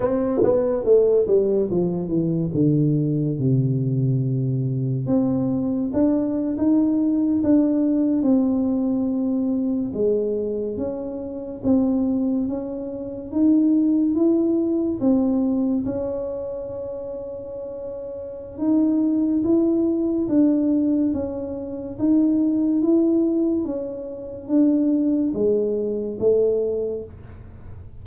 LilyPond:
\new Staff \with { instrumentName = "tuba" } { \time 4/4 \tempo 4 = 71 c'8 b8 a8 g8 f8 e8 d4 | c2 c'4 d'8. dis'16~ | dis'8. d'4 c'2 gis16~ | gis8. cis'4 c'4 cis'4 dis'16~ |
dis'8. e'4 c'4 cis'4~ cis'16~ | cis'2 dis'4 e'4 | d'4 cis'4 dis'4 e'4 | cis'4 d'4 gis4 a4 | }